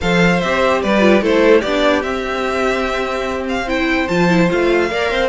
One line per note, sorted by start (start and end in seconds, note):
0.01 0.43 F3
0.01 0.42 A4
0.01 0.82 C5
0.01 0.40 F5
0.40 0.84 C4
0.40 1.00 G4
0.40 0.81 E5
0.82 1.21 G3
0.82 1.22 B4
0.82 1.23 D5
1.00 1.20 F4
1.21 1.62 A3
1.21 1.62 E4
1.21 1.59 A4
1.21 1.61 C5
1.59 2.03 B3
1.59 3.64 G4
1.59 2.02 D5
1.66 2.03 D4
2.02 3.66 C4
2.02 4.07 C4
2.02 3.45 E5
3.48 3.69 F5
3.67 4.08 E4
3.67 4.89 C5
3.67 4.08 G5
4.08 4.50 F3
4.08 4.29 F4
4.08 4.49 A5
4.29 4.48 E4
4.48 4.91 A3
4.48 4.89 F4
4.48 5.28 F5
4.89 5.11 A#3
4.89 5.28 A#4
4.89 5.10 D5
5.10 5.28 C4
5.10 5.28 C5